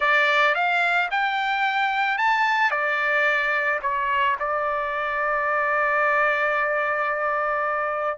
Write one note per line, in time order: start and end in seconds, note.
0.00 0.54 D5
0.54 1.09 F5
1.10 2.18 G5
2.18 2.70 A5
2.70 3.79 D5
3.82 4.36 C#5
4.39 8.18 D5